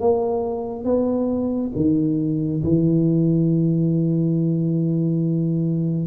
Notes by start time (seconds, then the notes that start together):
0.00 A#3
0.84 B3
1.75 D#3
2.63 E3